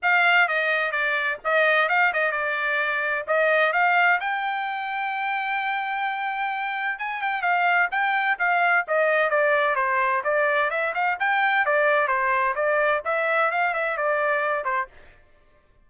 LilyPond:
\new Staff \with { instrumentName = "trumpet" } { \time 4/4 \tempo 4 = 129 f''4 dis''4 d''4 dis''4 | f''8 dis''8 d''2 dis''4 | f''4 g''2.~ | g''2. gis''8 g''8 |
f''4 g''4 f''4 dis''4 | d''4 c''4 d''4 e''8 f''8 | g''4 d''4 c''4 d''4 | e''4 f''8 e''8 d''4. c''8 | }